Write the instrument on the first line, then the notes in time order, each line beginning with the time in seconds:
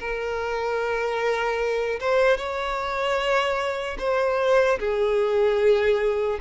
violin
0.00 A#4
2.00 C5
2.37 C#5
3.99 C5
4.80 G#4